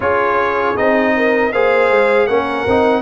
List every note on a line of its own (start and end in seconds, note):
0.00 0.75 C#4
0.00 0.75 F4
0.00 1.15 G#4
0.00 0.76 C#5
0.76 1.52 C4
0.76 1.53 D#4
0.76 1.52 D#5
1.16 1.52 A#4
1.52 1.90 A#3
1.52 2.29 G#4
1.52 2.28 C5
1.52 2.27 F5
1.90 2.28 G#3
2.27 2.66 A#3
2.27 2.67 C#4
2.27 3.02 A#4
2.27 3.02 F#5
2.66 3.02 C4
2.66 3.02 D#4